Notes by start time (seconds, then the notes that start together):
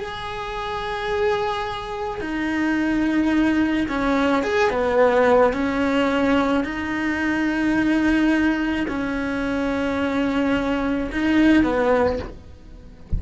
0.00 G#4
2.21 D#4
3.88 C#4
4.43 G#4
4.70 B3
5.53 C#4
6.64 D#4
8.87 C#4
11.12 D#4
11.63 B3